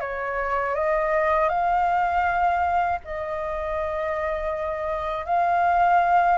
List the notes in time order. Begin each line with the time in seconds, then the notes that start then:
0.00 C#5
0.75 D#5
1.49 F5
3.04 D#5
5.25 F5